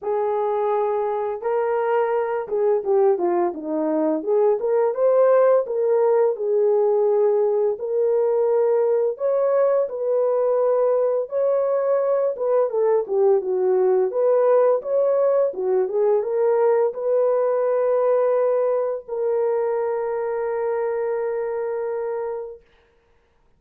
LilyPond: \new Staff \with { instrumentName = "horn" } { \time 4/4 \tempo 4 = 85 gis'2 ais'4. gis'8 | g'8 f'8 dis'4 gis'8 ais'8 c''4 | ais'4 gis'2 ais'4~ | ais'4 cis''4 b'2 |
cis''4. b'8 a'8 g'8 fis'4 | b'4 cis''4 fis'8 gis'8 ais'4 | b'2. ais'4~ | ais'1 | }